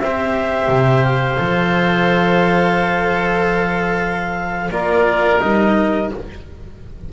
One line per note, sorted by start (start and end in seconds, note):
0.00 0.68 C4
0.00 1.38 G4
0.00 4.73 C5
0.00 1.04 E5
0.68 1.38 C3
1.04 4.70 F5
1.38 4.71 F3
1.38 4.70 A4
4.71 5.40 A#3
4.71 5.40 F4
4.71 6.13 A#4
4.71 5.40 D5
5.40 6.12 G3
5.40 6.10 D#4
5.40 6.10 D#5